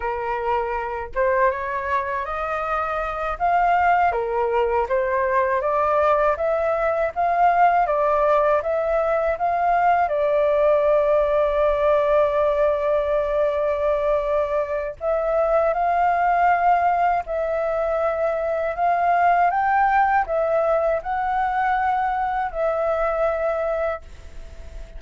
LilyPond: \new Staff \with { instrumentName = "flute" } { \time 4/4 \tempo 4 = 80 ais'4. c''8 cis''4 dis''4~ | dis''8 f''4 ais'4 c''4 d''8~ | d''8 e''4 f''4 d''4 e''8~ | e''8 f''4 d''2~ d''8~ |
d''1 | e''4 f''2 e''4~ | e''4 f''4 g''4 e''4 | fis''2 e''2 | }